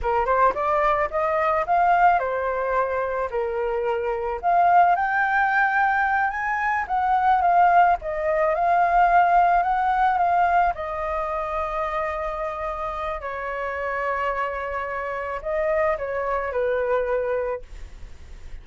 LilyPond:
\new Staff \with { instrumentName = "flute" } { \time 4/4 \tempo 4 = 109 ais'8 c''8 d''4 dis''4 f''4 | c''2 ais'2 | f''4 g''2~ g''8 gis''8~ | gis''8 fis''4 f''4 dis''4 f''8~ |
f''4. fis''4 f''4 dis''8~ | dis''1 | cis''1 | dis''4 cis''4 b'2 | }